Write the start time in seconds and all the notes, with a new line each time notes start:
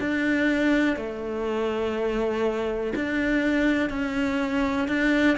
0.00 D4
0.97 A3
2.96 D4
3.90 C#4
4.88 D4